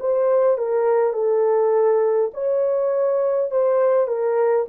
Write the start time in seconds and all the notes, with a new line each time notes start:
0.00 C5
0.58 A#4
1.13 A4
2.34 C#5
3.51 C5
4.08 A#4